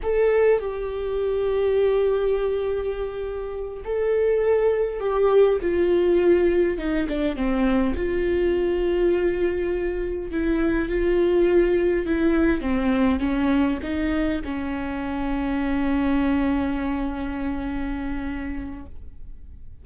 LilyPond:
\new Staff \with { instrumentName = "viola" } { \time 4/4 \tempo 4 = 102 a'4 g'2.~ | g'2~ g'8 a'4.~ | a'8 g'4 f'2 dis'8 | d'8 c'4 f'2~ f'8~ |
f'4. e'4 f'4.~ | f'8 e'4 c'4 cis'4 dis'8~ | dis'8 cis'2.~ cis'8~ | cis'1 | }